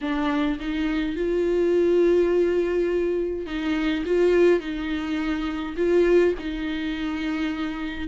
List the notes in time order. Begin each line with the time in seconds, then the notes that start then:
0.01 D4
0.59 D#4
1.15 F4
3.46 D#4
4.05 F4
4.60 D#4
5.76 F4
6.39 D#4